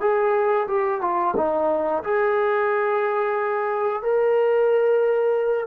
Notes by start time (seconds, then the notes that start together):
0.00 G#4
0.68 G4
1.01 F4
1.36 D#4
2.03 G#4
4.02 A#4